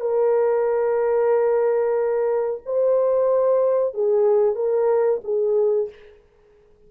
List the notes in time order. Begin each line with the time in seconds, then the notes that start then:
0.00 A#4
2.65 C5
3.94 G#4
4.55 A#4
5.24 G#4